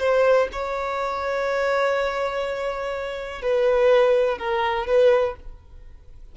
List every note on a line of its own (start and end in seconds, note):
0.00 0.49 C5
0.53 3.42 C#5
3.42 4.39 B4
4.39 4.87 A#4
4.87 5.36 B4